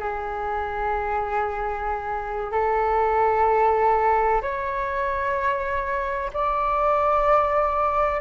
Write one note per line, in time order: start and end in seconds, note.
0.00 2.52 G#4
2.52 4.42 A4
4.42 6.31 C#5
6.34 8.21 D5